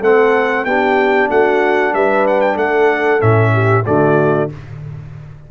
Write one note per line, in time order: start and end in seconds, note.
0.00 0.64 A3
0.00 0.66 C4
0.00 0.64 A4
0.00 0.64 F#5
0.64 1.28 B3
0.64 3.20 D4
0.64 1.29 G4
0.64 1.28 G5
1.29 1.93 A3
1.29 1.93 F#4
1.29 1.94 F#5
1.93 2.56 G3
1.93 2.55 B4
1.93 2.26 E5
2.27 2.40 F#5
2.40 2.56 G5
2.55 3.20 A3
2.55 3.51 A4
2.55 3.21 F#5
3.20 3.85 A2
3.20 3.84 C#4
3.20 3.85 E5
3.53 3.85 G4
3.85 4.51 D3
3.85 4.49 A3
3.85 4.50 F#4
3.85 4.49 D5